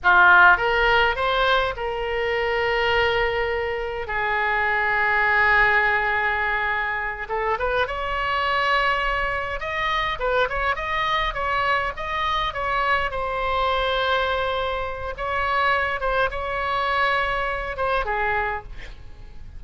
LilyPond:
\new Staff \with { instrumentName = "oboe" } { \time 4/4 \tempo 4 = 103 f'4 ais'4 c''4 ais'4~ | ais'2. gis'4~ | gis'1~ | gis'8 a'8 b'8 cis''2~ cis''8~ |
cis''8 dis''4 b'8 cis''8 dis''4 cis''8~ | cis''8 dis''4 cis''4 c''4.~ | c''2 cis''4. c''8 | cis''2~ cis''8 c''8 gis'4 | }